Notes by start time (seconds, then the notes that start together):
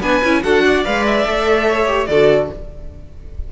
0.00 B3 D4 B4 G#5
0.23 C#4 E4
0.43 D4 F#4 A4 F#5
0.65 D5
0.84 G#3 B4 F5
1.06 E5
1.25 A3 A4
1.67 C#5
1.87 G4
2.06 D3 F#4 A4 D5